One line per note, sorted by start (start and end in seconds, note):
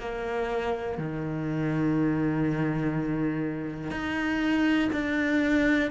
0.00 0.98 A#3
0.98 3.91 D#3
3.91 4.90 D#4
4.93 5.91 D4